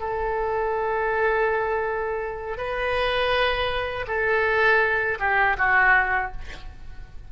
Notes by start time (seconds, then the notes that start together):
0.00 A4
2.58 B4
4.07 A4
5.20 G4
5.58 F#4